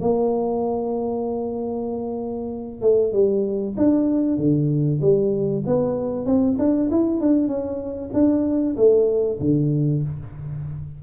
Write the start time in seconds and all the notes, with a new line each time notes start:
0.00 A#3
2.81 A3
3.12 G3
3.77 D4
4.37 D3
5.01 G3
5.66 B3
6.26 C4
6.58 D4
6.90 E4
7.20 D4
7.47 C#4
8.13 D4
8.76 A3
9.40 D3